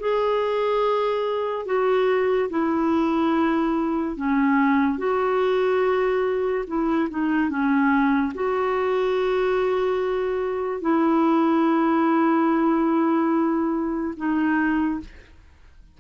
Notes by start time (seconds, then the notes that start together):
0.00 G#4
1.66 F#4
2.50 E4
4.17 C#4
4.98 F#4
6.67 E4
7.10 D#4
7.50 C#4
8.35 F#4
10.81 E4
14.17 D#4